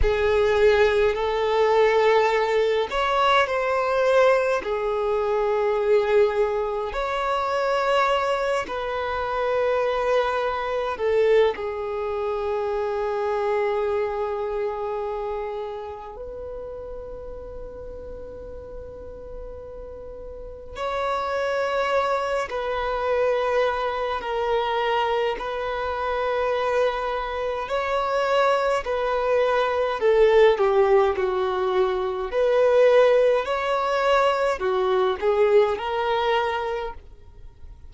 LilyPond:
\new Staff \with { instrumentName = "violin" } { \time 4/4 \tempo 4 = 52 gis'4 a'4. cis''8 c''4 | gis'2 cis''4. b'8~ | b'4. a'8 gis'2~ | gis'2 b'2~ |
b'2 cis''4. b'8~ | b'4 ais'4 b'2 | cis''4 b'4 a'8 g'8 fis'4 | b'4 cis''4 fis'8 gis'8 ais'4 | }